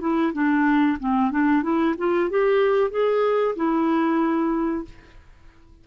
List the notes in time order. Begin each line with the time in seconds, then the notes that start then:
0.00 E4
0.33 D4
0.99 C4
1.30 D4
1.62 E4
1.98 F4
2.30 G4
2.90 G#4
3.55 E4